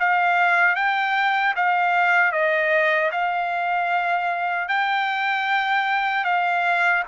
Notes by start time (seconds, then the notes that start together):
0.00 F5
0.76 G5
1.56 F5
2.32 D#5
3.12 F5
4.69 G5
6.24 F5